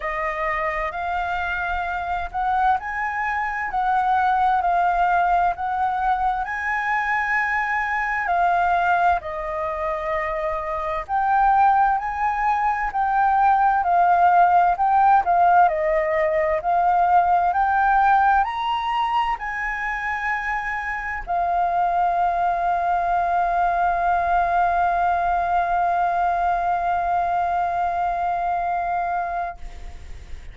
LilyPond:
\new Staff \with { instrumentName = "flute" } { \time 4/4 \tempo 4 = 65 dis''4 f''4. fis''8 gis''4 | fis''4 f''4 fis''4 gis''4~ | gis''4 f''4 dis''2 | g''4 gis''4 g''4 f''4 |
g''8 f''8 dis''4 f''4 g''4 | ais''4 gis''2 f''4~ | f''1~ | f''1 | }